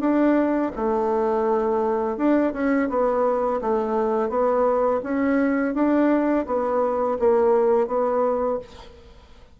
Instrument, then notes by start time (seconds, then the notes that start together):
bassoon
0.00 D4
0.76 A3
2.17 D4
2.53 C#4
2.89 B3
3.61 A3
4.29 B3
5.03 C#4
5.74 D4
6.46 B3
7.19 A#3
7.87 B3